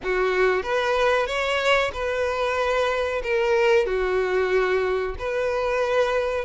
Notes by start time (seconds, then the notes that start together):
0.03 F#4
0.62 B4
1.26 C#5
1.93 B4
3.23 A#4
3.86 F#4
5.18 B4